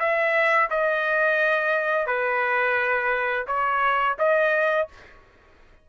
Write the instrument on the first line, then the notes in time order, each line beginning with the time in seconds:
trumpet
0.00 E5
0.70 D#5
2.07 B4
3.47 C#5
4.19 D#5